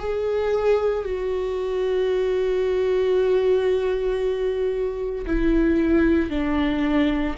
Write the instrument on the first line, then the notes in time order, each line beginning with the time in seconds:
viola
0.00 G#4
1.05 F#4
5.26 E4
6.30 D4